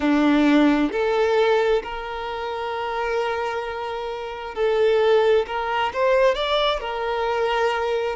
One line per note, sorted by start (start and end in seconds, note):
0.00 0.91 D4
0.91 1.82 A4
1.83 4.55 A#4
4.55 5.45 A4
5.46 5.92 A#4
5.93 6.34 C5
6.34 6.80 D5
6.80 8.16 A#4